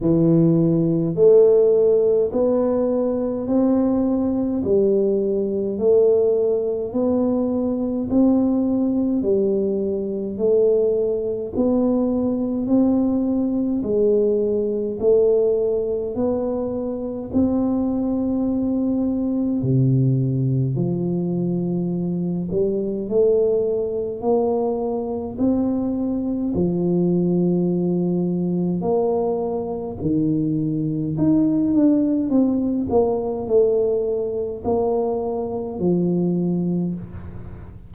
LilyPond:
\new Staff \with { instrumentName = "tuba" } { \time 4/4 \tempo 4 = 52 e4 a4 b4 c'4 | g4 a4 b4 c'4 | g4 a4 b4 c'4 | gis4 a4 b4 c'4~ |
c'4 c4 f4. g8 | a4 ais4 c'4 f4~ | f4 ais4 dis4 dis'8 d'8 | c'8 ais8 a4 ais4 f4 | }